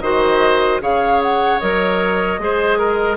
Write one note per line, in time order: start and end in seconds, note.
0.00 0.80 D#3
0.00 0.80 F#4
0.00 0.81 C5
0.00 0.79 D#5
0.80 1.59 C#3
0.80 1.59 G#4
0.80 2.39 C#5
0.80 1.22 F5
1.22 1.59 F#5
1.59 2.38 F#3
1.59 2.39 A#4
1.59 3.17 D#5
2.38 3.17 G#3
2.38 3.17 G#4
2.38 2.78 C5
2.78 3.17 A#4